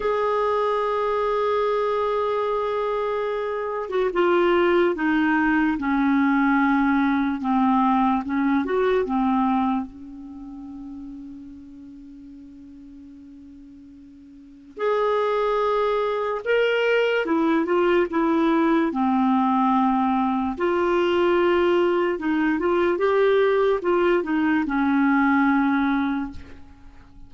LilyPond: \new Staff \with { instrumentName = "clarinet" } { \time 4/4 \tempo 4 = 73 gis'1~ | gis'8. fis'16 f'4 dis'4 cis'4~ | cis'4 c'4 cis'8 fis'8 c'4 | cis'1~ |
cis'2 gis'2 | ais'4 e'8 f'8 e'4 c'4~ | c'4 f'2 dis'8 f'8 | g'4 f'8 dis'8 cis'2 | }